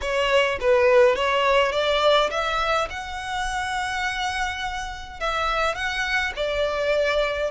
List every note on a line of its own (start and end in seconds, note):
0.01 0.58 C#5
0.60 1.15 B4
1.15 1.72 C#5
1.72 2.29 D5
2.30 2.88 E5
2.90 5.19 F#5
5.19 5.75 E5
5.75 6.32 F#5
6.36 7.50 D5